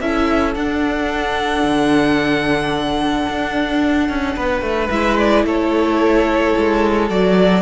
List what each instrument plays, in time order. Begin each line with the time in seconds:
0.00 cello C#4, viola E4, violin A4 E5
0.54 cello D4, viola D4, violin F#5
1.63 cello D3
3.27 cello D4
4.08 cello C#4
4.36 cello B3, violin B4
4.61 cello A3
4.89 cello G#3, viola E4, violin E5
5.18 violin D5
5.44 cello A3, violin A4 C#5
6.57 cello G#3
7.09 cello F#3, viola F#4, violin D5